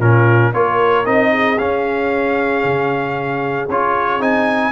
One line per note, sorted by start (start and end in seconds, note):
0.00 0.53 A#2
0.00 0.54 C#4
0.00 0.53 F4
0.00 0.53 A#4
0.54 1.06 A#3
0.54 1.05 F4
0.54 1.32 A#4
0.54 1.06 C#5
1.05 1.59 C4
1.05 1.58 D#4
1.05 1.59 D#5
1.32 4.73 G#4
1.59 3.70 C#4
1.59 2.64 C#4
1.59 3.69 F5
2.64 3.69 C#3
3.69 4.20 C#4
3.69 4.21 F4
3.69 4.22 C#5
4.20 4.73 C4
4.20 4.73 D#4
4.20 4.73 G#5